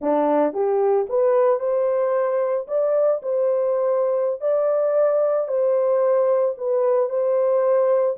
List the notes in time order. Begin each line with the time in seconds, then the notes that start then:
0.01 D4
0.53 G4
1.09 B4
1.59 C5
2.67 D5
3.22 C5
4.40 D5
5.48 C5
6.57 B4
7.09 C5